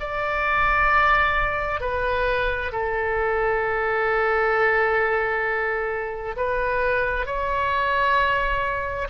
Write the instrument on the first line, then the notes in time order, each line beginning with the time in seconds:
oboe
0.00 D5
1.81 B4
2.72 A4
6.36 B4
7.26 C#5